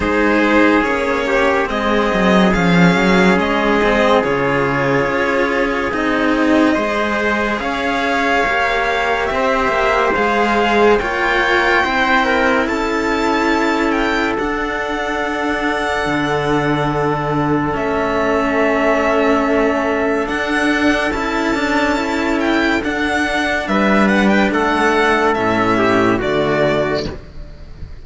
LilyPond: <<
  \new Staff \with { instrumentName = "violin" } { \time 4/4 \tempo 4 = 71 c''4 cis''4 dis''4 f''4 | dis''4 cis''2 dis''4~ | dis''4 f''2 e''4 | f''4 g''2 a''4~ |
a''8 g''8 fis''2.~ | fis''4 e''2. | fis''4 a''4. g''8 fis''4 | e''8 fis''16 g''16 fis''4 e''4 d''4 | }
  \new Staff \with { instrumentName = "trumpet" } { \time 4/4 gis'4. g'8 gis'2~ | gis'1 | c''4 cis''2 c''4~ | c''4 cis''4 c''8 ais'8 a'4~ |
a'1~ | a'1~ | a'1 | b'4 a'4. g'8 fis'4 | }
  \new Staff \with { instrumentName = "cello" } { \time 4/4 dis'4 cis'4 c'4 cis'4~ | cis'8 c'8 f'2 dis'4 | gis'2 g'2 | gis'4 f'4 e'2~ |
e'4 d'2.~ | d'4 cis'2. | d'4 e'8 d'8 e'4 d'4~ | d'2 cis'4 a4 | }
  \new Staff \with { instrumentName = "cello" } { \time 4/4 gis4 ais4 gis8 fis8 f8 fis8 | gis4 cis4 cis'4 c'4 | gis4 cis'4 ais4 c'8 ais8 | gis4 ais4 c'4 cis'4~ |
cis'4 d'2 d4~ | d4 a2. | d'4 cis'2 d'4 | g4 a4 a,4 d4 | }
>>